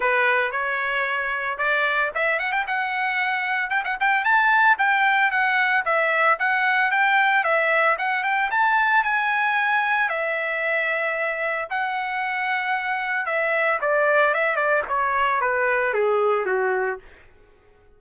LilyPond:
\new Staff \with { instrumentName = "trumpet" } { \time 4/4 \tempo 4 = 113 b'4 cis''2 d''4 | e''8 fis''16 g''16 fis''2 g''16 fis''16 g''8 | a''4 g''4 fis''4 e''4 | fis''4 g''4 e''4 fis''8 g''8 |
a''4 gis''2 e''4~ | e''2 fis''2~ | fis''4 e''4 d''4 e''8 d''8 | cis''4 b'4 gis'4 fis'4 | }